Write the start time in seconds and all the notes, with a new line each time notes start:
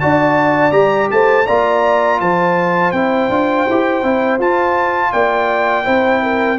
0.00 D4 F#4 D5 A5
0.71 G3 G4 A#5
1.11 A3 C5 A5
1.46 A#3 F4 D5 A#5
2.20 F3 C5 A5
2.92 C4 E4 G5
3.29 D4 F4
3.70 E4 G4
4.03 C4 E4
4.39 F4 A5
5.12 A#3 D5 G5
5.85 C4 E4 C5
6.23 A#4